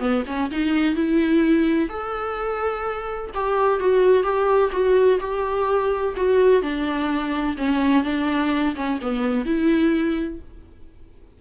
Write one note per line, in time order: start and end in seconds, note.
0.00 0.24 B3
0.27 0.51 C#4
0.51 0.96 D#4
0.96 1.89 E4
1.89 3.31 A4
3.35 3.80 G4
3.80 4.23 F#4
4.23 4.71 G4
4.72 5.20 F#4
5.21 6.15 G4
6.17 6.62 F#4
6.62 7.57 D4
7.58 8.04 C#4
8.04 8.75 D4
8.76 9.00 C#4
9.02 9.46 B3
9.46 10.40 E4